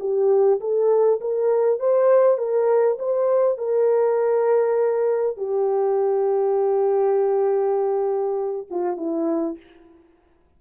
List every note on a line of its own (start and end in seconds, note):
0.00 0.60 G4
0.61 1.21 A4
1.21 1.80 A#4
1.80 2.38 C5
2.38 2.98 A#4
2.99 3.58 C5
3.58 5.37 A#4
5.37 8.67 G4
8.71 8.97 F4
8.97 9.57 E4